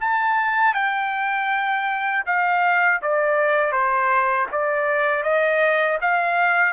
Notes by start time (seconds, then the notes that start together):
0.00 A5
0.73 G5
2.25 F5
3.02 D5
3.71 C5
4.52 D5
5.23 D#5
6.01 F5